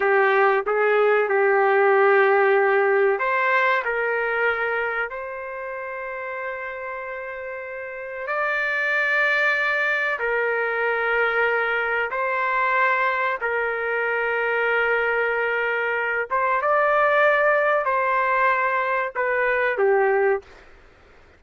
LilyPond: \new Staff \with { instrumentName = "trumpet" } { \time 4/4 \tempo 4 = 94 g'4 gis'4 g'2~ | g'4 c''4 ais'2 | c''1~ | c''4 d''2. |
ais'2. c''4~ | c''4 ais'2.~ | ais'4. c''8 d''2 | c''2 b'4 g'4 | }